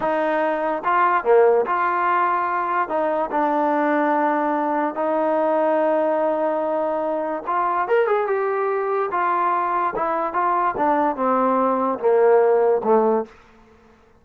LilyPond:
\new Staff \with { instrumentName = "trombone" } { \time 4/4 \tempo 4 = 145 dis'2 f'4 ais4 | f'2. dis'4 | d'1 | dis'1~ |
dis'2 f'4 ais'8 gis'8 | g'2 f'2 | e'4 f'4 d'4 c'4~ | c'4 ais2 a4 | }